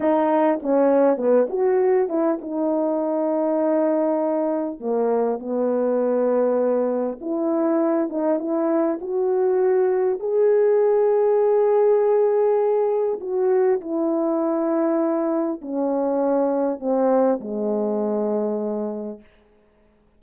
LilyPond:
\new Staff \with { instrumentName = "horn" } { \time 4/4 \tempo 4 = 100 dis'4 cis'4 b8 fis'4 e'8 | dis'1 | ais4 b2. | e'4. dis'8 e'4 fis'4~ |
fis'4 gis'2.~ | gis'2 fis'4 e'4~ | e'2 cis'2 | c'4 gis2. | }